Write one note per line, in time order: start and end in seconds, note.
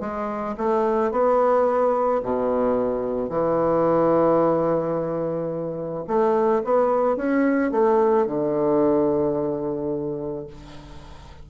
0.00 0.55 G#3
0.57 1.11 A3
1.11 2.21 B3
2.23 3.29 B2
3.29 6.05 E3
6.07 6.62 A3
6.64 7.16 B3
7.16 7.71 C#4
7.71 8.26 A3
8.26 10.47 D3